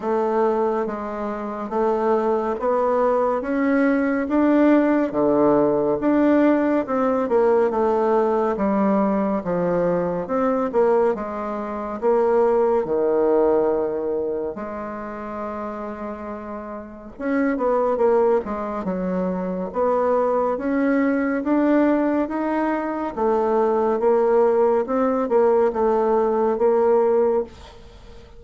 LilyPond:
\new Staff \with { instrumentName = "bassoon" } { \time 4/4 \tempo 4 = 70 a4 gis4 a4 b4 | cis'4 d'4 d4 d'4 | c'8 ais8 a4 g4 f4 | c'8 ais8 gis4 ais4 dis4~ |
dis4 gis2. | cis'8 b8 ais8 gis8 fis4 b4 | cis'4 d'4 dis'4 a4 | ais4 c'8 ais8 a4 ais4 | }